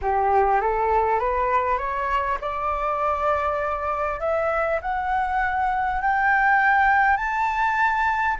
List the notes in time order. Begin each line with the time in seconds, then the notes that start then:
0.01 G4
0.60 A4
1.19 B4
1.78 C#5
2.41 D5
4.20 E5
4.81 F#5
6.01 G5
7.16 A5